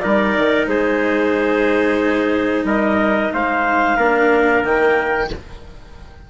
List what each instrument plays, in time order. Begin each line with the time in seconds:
0.00 bassoon G3, cello D#4, trumpet A#4, clarinet D5
0.37 bassoon D#3
0.67 bassoon G#3, trumpet G#4, clarinet C5
2.64 bassoon G3, trumpet A#4, clarinet D#5
3.33 bassoon G#3, trumpet C5, clarinet F5
3.97 bassoon A#3, cello D4, trumpet A#4
4.64 bassoon D#3, cello A#3, clarinet G5